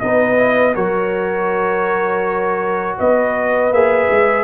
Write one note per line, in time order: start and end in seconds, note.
0.00 0.75 B3
0.00 0.36 D#4
0.00 0.75 B4
0.00 0.74 D#5
0.36 0.73 E4
0.75 2.97 F#3
0.75 3.72 F#4
0.75 2.97 A#4
0.75 2.97 C#5
2.98 3.71 B3
2.98 4.44 B4
2.98 3.73 D#5
3.71 4.08 A#3
3.71 4.44 G#4
3.71 4.44 E5
4.10 4.44 G#3